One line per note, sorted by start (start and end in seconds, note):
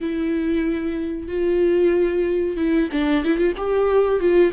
0.00 1.27 E4
1.27 2.56 F4
2.56 2.89 E4
2.92 3.24 D4
3.24 3.37 E4
3.37 3.53 F4
3.57 4.19 G4
4.19 4.52 F4